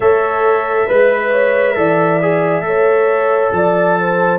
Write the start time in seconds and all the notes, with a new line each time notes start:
0.00 A3 A4 C#5 E5
0.86 G#3 B4
1.31 C#5
1.75 E3 A4 D5
2.22 G#4
2.60 A3 A4
2.67 C#5
3.52 F3 D5 A5
3.99 C5